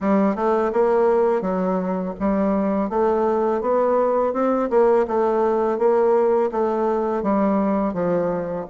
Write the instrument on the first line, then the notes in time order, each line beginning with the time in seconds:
bassoon
0.00 G3
0.35 A3
0.73 A#3
1.41 F#3
2.19 G3
2.89 A3
3.61 B3
4.33 C4
4.70 A#3
5.07 A3
5.78 A#3
6.51 A3
7.22 G3
7.93 F3